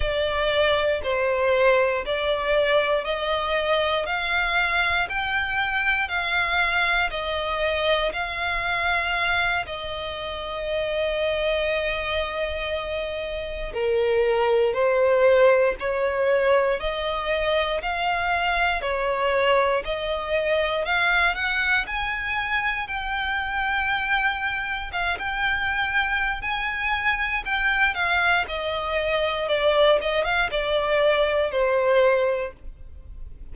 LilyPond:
\new Staff \with { instrumentName = "violin" } { \time 4/4 \tempo 4 = 59 d''4 c''4 d''4 dis''4 | f''4 g''4 f''4 dis''4 | f''4. dis''2~ dis''8~ | dis''4. ais'4 c''4 cis''8~ |
cis''8 dis''4 f''4 cis''4 dis''8~ | dis''8 f''8 fis''8 gis''4 g''4.~ | g''8 f''16 g''4~ g''16 gis''4 g''8 f''8 | dis''4 d''8 dis''16 f''16 d''4 c''4 | }